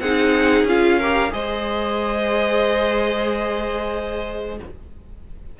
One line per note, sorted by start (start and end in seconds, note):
0.00 0.64 C4
0.00 0.68 D#4
0.00 0.99 G#4
0.00 0.65 F#5
0.64 1.29 C#4
0.64 1.01 F4
0.64 1.33 F5
0.99 1.31 G4
0.99 1.31 A#4
1.31 4.60 G#3
1.31 4.57 G#4
1.31 4.59 C5
1.31 4.59 D#5